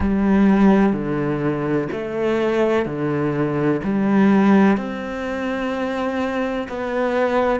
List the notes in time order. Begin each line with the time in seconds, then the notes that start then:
0.00 G3
0.93 D3
1.92 A3
2.85 D3
3.84 G3
4.77 C4
6.68 B3